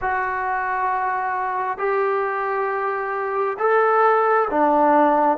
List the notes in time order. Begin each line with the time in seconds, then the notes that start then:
0.01 F#4
1.77 G4
3.59 A4
4.50 D4